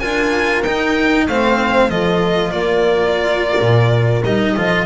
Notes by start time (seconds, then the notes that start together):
0.00 D4 F4 A#4 G#5
0.63 D#4 G5
1.27 A3 C4 C5 F5
1.90 F3 F4 A4 D#5
2.52 A#3 A#4 D5
3.61 A#2
4.24 G3 D#4 D#5
4.56 F3 F4 A4